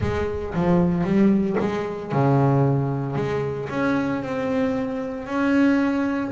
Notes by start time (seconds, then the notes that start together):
0.00 G#3
0.54 F3
1.04 G3
1.59 G#3
2.12 C#3
3.15 G#3
3.69 C#4
4.22 C4
5.26 C#4